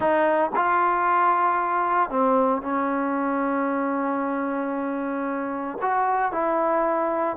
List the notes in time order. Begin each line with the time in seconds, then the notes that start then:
0.00 D#4
0.55 F4
2.10 C4
2.62 C#4
5.81 F#4
6.32 E4